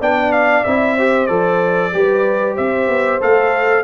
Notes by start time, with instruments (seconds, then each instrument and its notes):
0.00 tuba B3, trombone D4, horn D5, trumpet G5
0.32 trumpet F5
0.64 tuba C4, trombone E4, trumpet E5
0.95 trombone G4, horn C5
1.26 tuba F3, trombone A4, trumpet D5
1.92 tuba G3, trombone G4, horn B4
2.55 tuba C4, horn C5, trumpet E5
2.88 tuba B3
3.20 tuba A3, trombone A4, trumpet F5